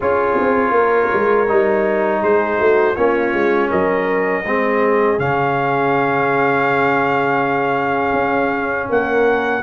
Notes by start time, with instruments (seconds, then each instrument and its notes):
0.00 tuba C#4, trombone F4, horn G#4, trumpet C#5
0.40 tuba C4
0.70 tuba A#3, horn A#4
1.12 tuba G#3
1.47 tuba G3, trombone D#4
2.22 tuba G#3, horn G#4, trumpet C5
2.58 tuba A3, horn F#4
2.95 tuba A#3, trombone C#4, horn F4, trumpet C#5
3.33 tuba G#3
3.69 tuba F#3, horn A#4, trumpet D#5
4.42 tuba G#3, trombone C4, horn G#4
5.18 tuba C#3, trombone C#4, trumpet F5
8.13 tuba C#4
8.89 tuba A#3, horn A#4, trumpet F#5